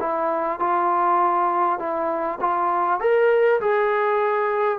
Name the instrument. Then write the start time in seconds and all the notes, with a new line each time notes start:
trombone
0.00 E4
0.60 F4
1.79 E4
2.41 F4
3.00 A#4
3.61 G#4